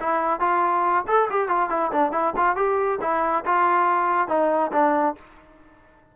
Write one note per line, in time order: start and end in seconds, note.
0.00 0.40 E4
0.40 1.05 F4
1.07 1.29 A4
1.30 1.49 G4
1.49 1.70 F4
1.70 1.91 E4
1.92 2.12 D4
2.12 2.34 E4
2.37 2.56 F4
2.56 2.99 G4
3.01 3.45 E4
3.45 4.28 F4
4.28 4.71 D#4
4.72 5.15 D4